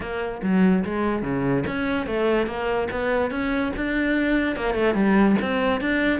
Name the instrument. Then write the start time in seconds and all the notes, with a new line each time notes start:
cello
0.00 A#3
0.43 F#3
0.84 G#3
1.22 C#3
1.67 C#4
2.06 A3
2.46 A#3
2.91 B3
3.30 C#4
3.76 D4
4.55 A#3
4.74 A3
4.94 G3
5.41 C4
5.80 D4